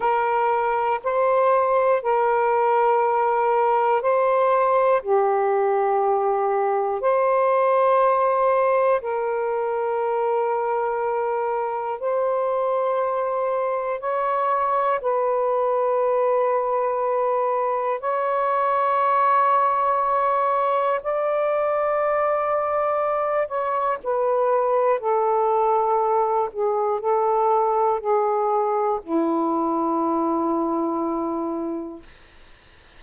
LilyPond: \new Staff \with { instrumentName = "saxophone" } { \time 4/4 \tempo 4 = 60 ais'4 c''4 ais'2 | c''4 g'2 c''4~ | c''4 ais'2. | c''2 cis''4 b'4~ |
b'2 cis''2~ | cis''4 d''2~ d''8 cis''8 | b'4 a'4. gis'8 a'4 | gis'4 e'2. | }